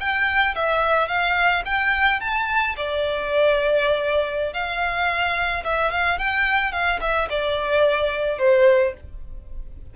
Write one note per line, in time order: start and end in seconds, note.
0.00 0.55 G5
0.55 1.08 E5
1.08 1.63 F5
1.65 2.20 G5
2.20 2.75 A5
2.77 4.54 D5
4.54 5.64 F5
5.64 5.91 E5
5.91 6.19 F5
6.19 6.72 G5
6.72 7.00 F5
7.01 7.29 E5
7.30 8.38 D5
8.38 8.93 C5